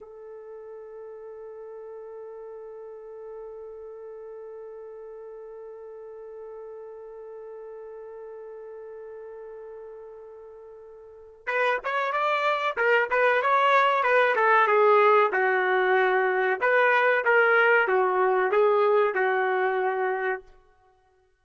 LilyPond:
\new Staff \with { instrumentName = "trumpet" } { \time 4/4 \tempo 4 = 94 a'1~ | a'1~ | a'1~ | a'1~ |
a'2 b'8 cis''8 d''4 | ais'8 b'8 cis''4 b'8 a'8 gis'4 | fis'2 b'4 ais'4 | fis'4 gis'4 fis'2 | }